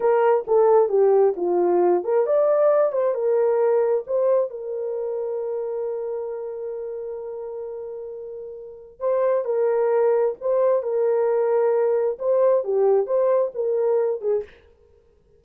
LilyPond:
\new Staff \with { instrumentName = "horn" } { \time 4/4 \tempo 4 = 133 ais'4 a'4 g'4 f'4~ | f'8 ais'8 d''4. c''8 ais'4~ | ais'4 c''4 ais'2~ | ais'1~ |
ais'1 | c''4 ais'2 c''4 | ais'2. c''4 | g'4 c''4 ais'4. gis'8 | }